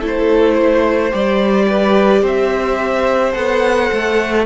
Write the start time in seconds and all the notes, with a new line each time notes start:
0.00 A3 E4 A4
0.06 C5
0.54 C5
1.11 G3 G4 D5
1.67 B4
2.21 C4 C5 E5
3.32 B3 A4 F#5
3.92 A3